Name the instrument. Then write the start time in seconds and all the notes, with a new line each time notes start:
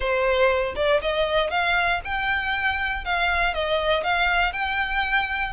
violin
0.00 C5
0.75 D5
1.01 D#5
1.50 F5
2.04 G5
3.04 F5
3.54 D#5
4.03 F5
4.52 G5